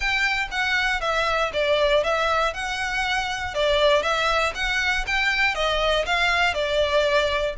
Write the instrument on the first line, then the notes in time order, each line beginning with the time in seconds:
violin
0.00 G5
0.51 F#5
1.00 E5
1.53 D5
2.03 E5
2.53 F#5
3.54 D5
4.02 E5
4.54 F#5
5.06 G5
5.54 D#5
6.05 F5
6.54 D5